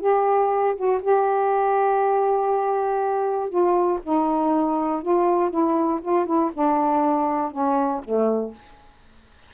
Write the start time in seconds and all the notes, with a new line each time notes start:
0.00 G4
0.76 F#4
1.01 G4
3.49 F4
4.03 D#4
5.02 F4
5.50 E4
6.02 F4
6.26 E4
6.53 D4
7.51 C#4
8.04 A3